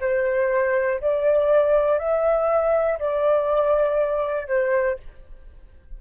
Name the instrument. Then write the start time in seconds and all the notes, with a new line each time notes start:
flute
0.00 C5
1.00 D5
1.98 E5
2.99 D5
4.47 C5